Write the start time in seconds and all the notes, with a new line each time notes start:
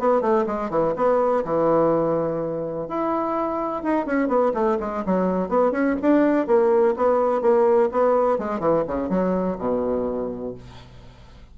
0.00 B3
0.21 A3
0.47 G#3
0.70 E3
0.96 B3
1.45 E3
2.88 E4
3.83 D#4
4.06 C#4
4.28 B3
4.54 A3
4.80 G#3
5.06 F#3
5.49 B3
5.72 C#4
6.02 D4
6.47 A#3
6.97 B3
7.42 A#3
7.92 B3
8.39 G#3
8.60 E3
8.87 C#3
9.10 F#3
9.59 B2